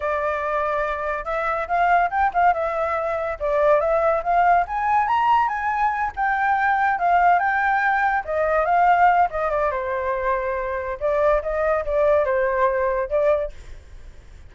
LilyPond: \new Staff \with { instrumentName = "flute" } { \time 4/4 \tempo 4 = 142 d''2. e''4 | f''4 g''8 f''8 e''2 | d''4 e''4 f''4 gis''4 | ais''4 gis''4. g''4.~ |
g''8 f''4 g''2 dis''8~ | dis''8 f''4. dis''8 d''8 c''4~ | c''2 d''4 dis''4 | d''4 c''2 d''4 | }